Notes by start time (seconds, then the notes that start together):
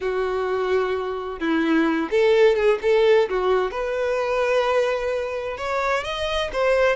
0.01 F#4
1.39 E4
2.10 A4
2.55 G#4
2.82 A4
3.29 F#4
3.71 B4
5.57 C#5
6.03 D#5
6.52 C5